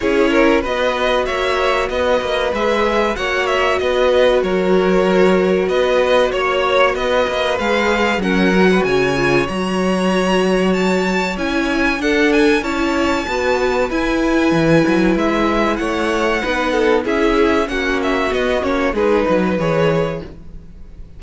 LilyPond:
<<
  \new Staff \with { instrumentName = "violin" } { \time 4/4 \tempo 4 = 95 cis''4 dis''4 e''4 dis''4 | e''4 fis''8 e''8 dis''4 cis''4~ | cis''4 dis''4 cis''4 dis''4 | f''4 fis''4 gis''4 ais''4~ |
ais''4 a''4 gis''4 fis''8 gis''8 | a''2 gis''2 | e''4 fis''2 e''4 | fis''8 e''8 dis''8 cis''8 b'4 cis''4 | }
  \new Staff \with { instrumentName = "violin" } { \time 4/4 gis'8 ais'8 b'4 cis''4 b'4~ | b'4 cis''4 b'4 ais'4~ | ais'4 b'4 cis''4 b'4~ | b'4 ais'8. b'16 cis''2~ |
cis''2. a'4 | cis''4 b'2.~ | b'4 cis''4 b'8 a'8 gis'4 | fis'2 gis'8 b'4. | }
  \new Staff \with { instrumentName = "viola" } { \time 4/4 e'4 fis'2. | gis'4 fis'2.~ | fis'1 | gis'4 cis'8 fis'4 f'8 fis'4~ |
fis'2 e'4 d'4 | e'4 fis'4 e'2~ | e'2 dis'4 e'4 | cis'4 b8 cis'8 dis'4 gis'4 | }
  \new Staff \with { instrumentName = "cello" } { \time 4/4 cis'4 b4 ais4 b8 ais8 | gis4 ais4 b4 fis4~ | fis4 b4 ais4 b8 ais8 | gis4 fis4 cis4 fis4~ |
fis2 cis'4 d'4 | cis'4 b4 e'4 e8 fis8 | gis4 a4 b4 cis'4 | ais4 b8 ais8 gis8 fis8 e4 | }
>>